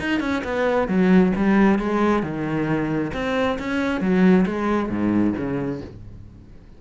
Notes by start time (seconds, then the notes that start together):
0.00 D#4
0.21 C#4
0.44 B3
0.88 F#3
1.36 G3
1.79 G#3
2.23 D#3
3.14 C4
3.59 C#4
4.01 F#3
4.46 G#3
4.90 G#2
5.37 C#3